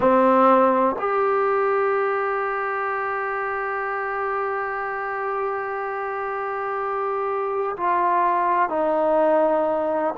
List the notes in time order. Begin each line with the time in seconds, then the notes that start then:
0.00 C4
0.99 G4
7.76 F4
8.69 D#4